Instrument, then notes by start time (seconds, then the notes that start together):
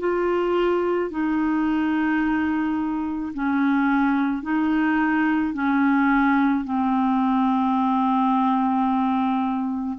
clarinet
0.00 F4
1.11 D#4
3.34 C#4
4.43 D#4
5.54 C#4
6.65 C4